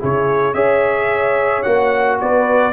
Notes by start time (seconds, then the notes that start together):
0.00 C#3 E4 G#4 C#5
0.54 C#4 G#4 C#5 E5
1.63 A#3 F#4 F#5
2.20 B3 B4 D5